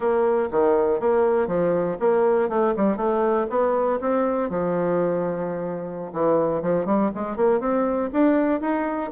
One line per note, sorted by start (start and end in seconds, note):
0.00 0.49 A#3
0.51 1.00 D#3
1.00 1.47 A#3
1.47 1.97 F3
1.99 2.49 A#3
2.49 2.74 A3
2.76 2.97 G3
2.97 3.47 A3
3.49 3.99 B3
4.00 4.49 C4
4.49 6.12 F3
6.12 6.62 E3
6.62 6.85 F3
6.85 7.10 G3
7.14 7.36 G#3
7.36 7.60 A#3
7.60 8.10 C4
8.12 8.60 D4
8.60 9.10 D#4